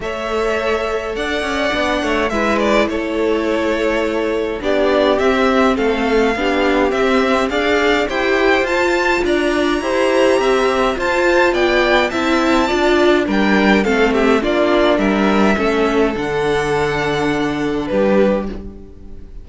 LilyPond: <<
  \new Staff \with { instrumentName = "violin" } { \time 4/4 \tempo 4 = 104 e''2 fis''2 | e''8 d''8 cis''2. | d''4 e''4 f''2 | e''4 f''4 g''4 a''4 |
ais''2. a''4 | g''4 a''2 g''4 | f''8 e''8 d''4 e''2 | fis''2. b'4 | }
  \new Staff \with { instrumentName = "violin" } { \time 4/4 cis''2 d''4. cis''8 | b'4 a'2. | g'2 a'4 g'4~ | g'4 d''4 c''2 |
d''4 c''4 e''4 c''4 | d''4 e''4 d''4 ais'4 | a'8 g'8 f'4 ais'4 a'4~ | a'2. g'4 | }
  \new Staff \with { instrumentName = "viola" } { \time 4/4 a'2. d'4 | e'1 | d'4 c'2 d'4 | c'4 gis'4 g'4 f'4~ |
f'4 g'2 f'4~ | f'4 e'4 f'4 d'4 | c'4 d'2 cis'4 | d'1 | }
  \new Staff \with { instrumentName = "cello" } { \time 4/4 a2 d'8 cis'8 b8 a8 | gis4 a2. | b4 c'4 a4 b4 | c'4 d'4 e'4 f'4 |
d'4 e'4 c'4 f'4 | b4 c'4 d'4 g4 | a4 ais4 g4 a4 | d2. g4 | }
>>